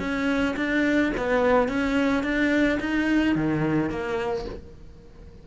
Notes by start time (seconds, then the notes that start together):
0.00 C#4
0.57 D4
1.18 B3
1.69 C#4
2.23 D4
2.80 D#4
3.35 D#3
3.90 A#3